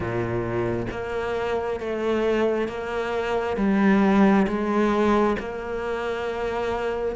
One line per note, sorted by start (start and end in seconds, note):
0.00 0.86 A#2
0.91 1.80 A#3
1.80 2.68 A3
2.68 3.56 A#3
3.56 4.46 G3
4.47 5.36 G#3
5.39 7.15 A#3